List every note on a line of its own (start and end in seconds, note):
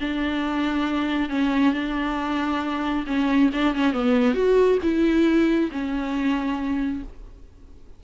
0.00 1.29 D4
1.29 1.73 C#4
1.73 3.05 D4
3.06 3.50 C#4
3.53 3.74 D4
3.74 3.93 C#4
3.93 4.34 B3
4.34 4.78 F#4
4.83 5.70 E4
5.72 7.03 C#4